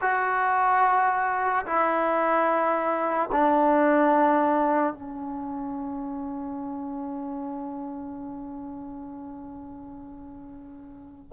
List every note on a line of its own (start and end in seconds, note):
0.01 1.65 F#4
1.66 3.30 E4
3.31 4.93 D4
4.93 11.30 C#4